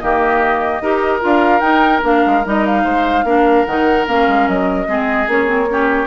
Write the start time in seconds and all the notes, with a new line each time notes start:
0.00 D#3 A#3 G4 D#5
0.82 D#4 G4 A#4
1.21 D4 F4 F5
1.61 D#4 G5
2.03 A#3 D4 F5
2.27 G#3
2.46 G3 D#4 D#5
2.67 F5
2.84 G#3 C5
3.24 A#3 D4 A#4
3.66 D#3 D#4 F#5
4.08 A#3 C#4 F5
4.28 G#3
4.48 F#3 D#5
4.87 G#3 C4 G#4
5.28 A#3 C#4 C#5
5.47 C4
5.70 C#4 G4